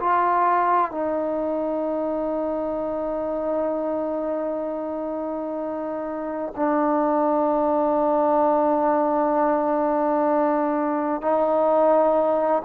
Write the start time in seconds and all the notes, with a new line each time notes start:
0.00 F4
0.91 D#4
6.56 D4
11.22 D#4